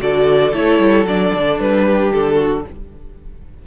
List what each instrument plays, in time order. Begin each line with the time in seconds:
0.00 cello D3, viola F#4, violin A4 D5
0.53 cello A3, viola E4, violin C#5
0.79 cello G3
1.05 cello F#3, viola D4, violin D5
1.34 cello D3
1.59 cello G3, violin B4
1.85 violin G4
2.12 cello D3, violin A4
2.36 violin F#4